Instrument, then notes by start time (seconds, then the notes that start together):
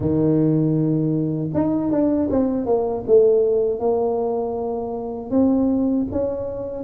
tuba
0.00 D#3
1.54 D#4
1.91 D4
2.30 C4
2.65 A#3
3.07 A3
3.79 A#3
5.30 C4
6.11 C#4